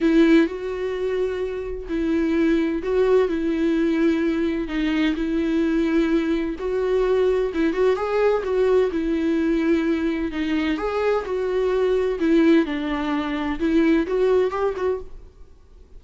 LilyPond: \new Staff \with { instrumentName = "viola" } { \time 4/4 \tempo 4 = 128 e'4 fis'2. | e'2 fis'4 e'4~ | e'2 dis'4 e'4~ | e'2 fis'2 |
e'8 fis'8 gis'4 fis'4 e'4~ | e'2 dis'4 gis'4 | fis'2 e'4 d'4~ | d'4 e'4 fis'4 g'8 fis'8 | }